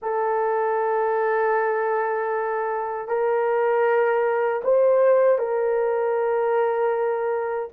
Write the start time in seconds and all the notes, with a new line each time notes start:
0.02 A4
3.08 A#4
4.64 C5
5.38 A#4